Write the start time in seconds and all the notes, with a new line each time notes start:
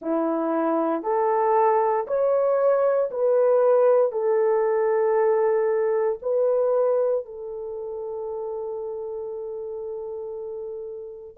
0.01 E4
1.03 A4
2.07 C#5
3.10 B4
4.11 A4
6.22 B4
7.25 A4